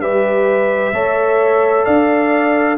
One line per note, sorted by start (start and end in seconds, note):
0.00 0.92 G3
0.00 0.94 G4
0.00 0.94 B4
0.00 1.85 E5
0.92 1.85 A3
0.92 2.77 A4
0.92 1.86 C#5
1.85 2.77 D4
1.85 2.77 D5
1.85 2.77 F5